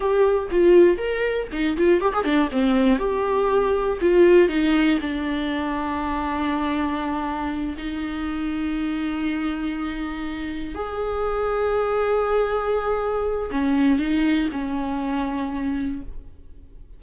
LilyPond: \new Staff \with { instrumentName = "viola" } { \time 4/4 \tempo 4 = 120 g'4 f'4 ais'4 dis'8 f'8 | g'16 gis'16 d'8 c'4 g'2 | f'4 dis'4 d'2~ | d'2.~ d'8 dis'8~ |
dis'1~ | dis'4. gis'2~ gis'8~ | gis'2. cis'4 | dis'4 cis'2. | }